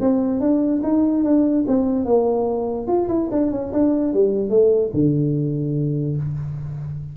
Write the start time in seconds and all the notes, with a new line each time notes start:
0.00 C4
0.40 D4
0.83 D#4
1.24 D4
1.67 C4
2.05 A#3
2.87 F4
3.08 E4
3.31 D4
3.51 C#4
3.72 D4
4.13 G3
4.49 A3
4.93 D3